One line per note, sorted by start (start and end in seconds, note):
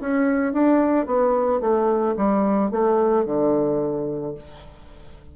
0.00 0.53 C#4
0.53 1.06 D4
1.06 1.60 B3
1.60 2.15 A3
2.16 2.71 G3
2.71 3.25 A3
3.25 4.34 D3